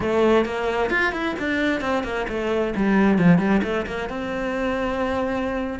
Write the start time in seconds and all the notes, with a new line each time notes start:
0.00 A3
0.45 A#3
0.90 F4
1.12 E4
1.39 D4
1.80 C4
2.03 A#3
2.28 A3
2.75 G3
3.18 F3
3.38 G3
3.63 A3
3.86 A#3
4.09 C4